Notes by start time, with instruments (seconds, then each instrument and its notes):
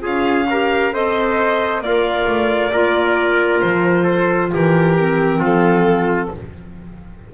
0.00 double bass C#4, clarinet F4, trumpet G#4
0.06 violin F5
0.50 clarinet G4, trumpet A#4
0.92 double bass C4, clarinet A4, trumpet C5, violin D#5
1.81 double bass A#3, trumpet F4, clarinet A#4, violin D5
2.27 double bass A3
2.73 double bass A#3, clarinet F4, trumpet A#4
3.61 double bass F3, violin C5
4.04 trumpet A4
4.53 double bass E3, trumpet G4, violin A#4
4.98 clarinet C4
5.39 double bass F3, trumpet F4, violin A4